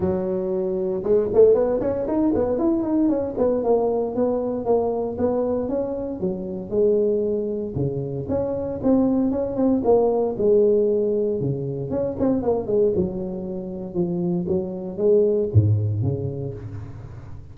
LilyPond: \new Staff \with { instrumentName = "tuba" } { \time 4/4 \tempo 4 = 116 fis2 gis8 a8 b8 cis'8 | dis'8 b8 e'8 dis'8 cis'8 b8 ais4 | b4 ais4 b4 cis'4 | fis4 gis2 cis4 |
cis'4 c'4 cis'8 c'8 ais4 | gis2 cis4 cis'8 c'8 | ais8 gis8 fis2 f4 | fis4 gis4 gis,4 cis4 | }